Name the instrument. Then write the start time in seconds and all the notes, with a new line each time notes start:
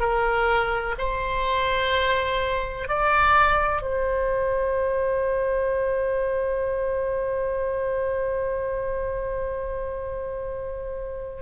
oboe
0.00 A#4
0.99 C5
2.88 D5
3.82 C5